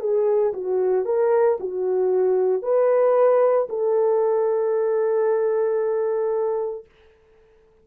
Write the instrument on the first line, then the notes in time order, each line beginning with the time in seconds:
horn
0.00 G#4
0.53 F#4
1.05 A#4
1.60 F#4
2.62 B4
3.69 A4